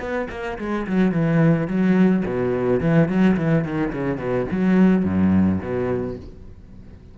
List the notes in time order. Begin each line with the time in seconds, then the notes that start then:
0.00 B3
0.30 A#3
0.59 G#3
0.87 F#3
1.12 E3
1.68 F#3
2.26 B2
2.81 E3
3.09 F#3
3.37 E3
3.65 D#3
3.93 C#3
4.18 B2
4.51 F#3
5.04 F#2
5.61 B2